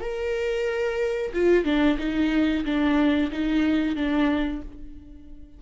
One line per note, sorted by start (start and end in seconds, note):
0.00 1.32 A#4
1.33 1.64 F4
1.64 1.97 D4
1.98 2.64 D#4
2.65 3.31 D4
3.31 3.95 D#4
3.95 4.61 D4